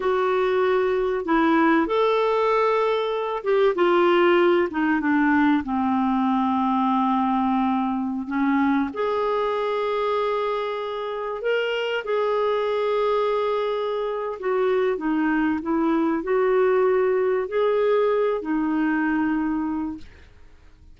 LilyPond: \new Staff \with { instrumentName = "clarinet" } { \time 4/4 \tempo 4 = 96 fis'2 e'4 a'4~ | a'4. g'8 f'4. dis'8 | d'4 c'2.~ | c'4~ c'16 cis'4 gis'4.~ gis'16~ |
gis'2~ gis'16 ais'4 gis'8.~ | gis'2. fis'4 | dis'4 e'4 fis'2 | gis'4. dis'2~ dis'8 | }